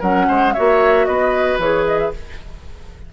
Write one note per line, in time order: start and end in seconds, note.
0.00 0.28 F#3
0.00 0.55 C#4
0.00 0.26 A#4
0.00 0.54 F#5
0.28 0.56 G#3
0.28 0.54 C5
0.54 1.08 A#3
0.54 1.61 F#4
0.54 1.07 C#5
0.54 1.05 E5
1.05 1.59 B3
1.05 2.13 B4
1.05 1.58 D#5
1.59 2.11 E3
1.59 2.13 G#4
1.59 1.86 C#5
1.87 1.98 D#5
1.98 2.11 E5